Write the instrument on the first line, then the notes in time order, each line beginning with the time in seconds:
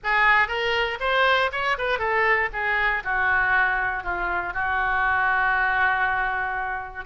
oboe
0.03 G#4
0.48 A#4
1.00 C5
1.51 C#5
1.78 B4
1.98 A4
2.53 G#4
3.04 F#4
4.03 F4
4.53 F#4